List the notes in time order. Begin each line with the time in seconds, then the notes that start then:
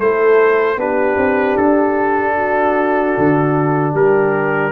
0.00 A3 E4 A4 C5
0.77 B3 D4 G4 B4
1.17 C4
1.57 D4 A4
2.36 F#4
3.18 D3
3.93 G3 G4 A#4